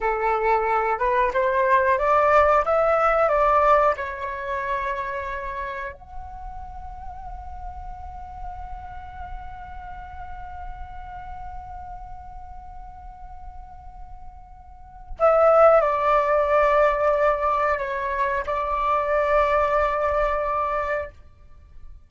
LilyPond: \new Staff \with { instrumentName = "flute" } { \time 4/4 \tempo 4 = 91 a'4. b'8 c''4 d''4 | e''4 d''4 cis''2~ | cis''4 fis''2.~ | fis''1~ |
fis''1~ | fis''2. e''4 | d''2. cis''4 | d''1 | }